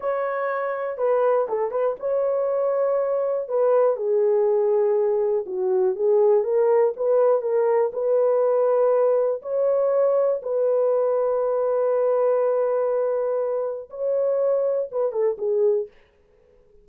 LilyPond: \new Staff \with { instrumentName = "horn" } { \time 4/4 \tempo 4 = 121 cis''2 b'4 a'8 b'8 | cis''2. b'4 | gis'2. fis'4 | gis'4 ais'4 b'4 ais'4 |
b'2. cis''4~ | cis''4 b'2.~ | b'1 | cis''2 b'8 a'8 gis'4 | }